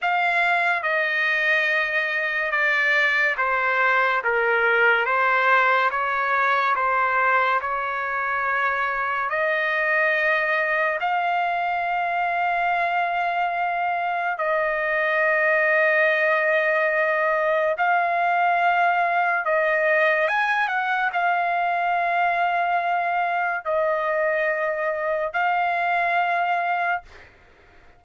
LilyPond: \new Staff \with { instrumentName = "trumpet" } { \time 4/4 \tempo 4 = 71 f''4 dis''2 d''4 | c''4 ais'4 c''4 cis''4 | c''4 cis''2 dis''4~ | dis''4 f''2.~ |
f''4 dis''2.~ | dis''4 f''2 dis''4 | gis''8 fis''8 f''2. | dis''2 f''2 | }